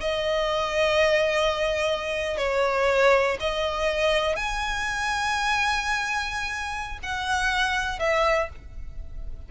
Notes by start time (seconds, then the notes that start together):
0.00 D#5
2.37 C#5
3.40 D#5
4.36 G#5
7.02 F#5
7.99 E5